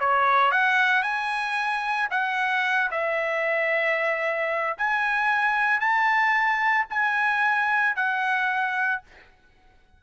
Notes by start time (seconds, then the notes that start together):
0.00 C#5
0.51 F#5
1.03 G#5
2.11 F#5
2.91 E5
4.78 G#5
5.80 A5
6.90 G#5
7.96 F#5